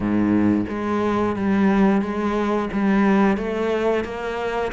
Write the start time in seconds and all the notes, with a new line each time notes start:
0.00 G#2
0.68 G#3
1.36 G3
2.01 G#3
2.72 G3
3.37 A3
4.04 A#3